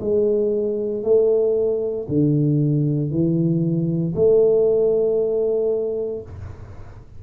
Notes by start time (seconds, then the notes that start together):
0.00 G#3
1.03 A3
2.08 D3
3.10 E3
4.15 A3